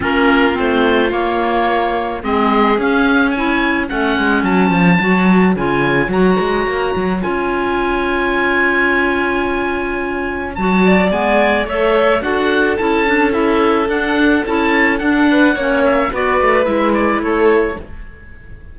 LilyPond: <<
  \new Staff \with { instrumentName = "oboe" } { \time 4/4 \tempo 4 = 108 ais'4 c''4 cis''2 | dis''4 f''4 gis''4 fis''4 | a''2 gis''4 ais''4~ | ais''4 gis''2.~ |
gis''2. a''4 | gis''4 e''4 fis''4 a''4 | e''4 fis''4 a''4 fis''4~ | fis''8 e''8 d''4 e''8 d''8 cis''4 | }
  \new Staff \with { instrumentName = "violin" } { \time 4/4 f'1 | gis'2 cis''2~ | cis''1~ | cis''1~ |
cis''2.~ cis''8 d''8~ | d''4 cis''4 a'2~ | a'2.~ a'8 b'8 | cis''4 b'2 a'4 | }
  \new Staff \with { instrumentName = "clarinet" } { \time 4/4 cis'4 c'4 ais2 | c'4 cis'4 e'4 cis'4~ | cis'4 fis'4 f'4 fis'4~ | fis'4 f'2.~ |
f'2. fis'4 | b4 a'4 fis'4 e'8 d'8 | e'4 d'4 e'4 d'4 | cis'4 fis'4 e'2 | }
  \new Staff \with { instrumentName = "cello" } { \time 4/4 ais4 a4 ais2 | gis4 cis'2 a8 gis8 | fis8 f8 fis4 cis4 fis8 gis8 | ais8 fis8 cis'2.~ |
cis'2. fis4 | gis4 a4 d'4 cis'4~ | cis'4 d'4 cis'4 d'4 | ais4 b8 a8 gis4 a4 | }
>>